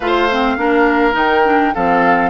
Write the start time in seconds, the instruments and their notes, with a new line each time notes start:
0.00 bassoon A3, clarinet F4, oboe C5, flute F5
0.31 clarinet C4
0.57 bassoon A#3, clarinet D4, oboe A#4
1.12 bassoon D#3, clarinet D#4, flute G5
1.44 clarinet D4
1.74 bassoon F3, clarinet C4, oboe A4, flute F5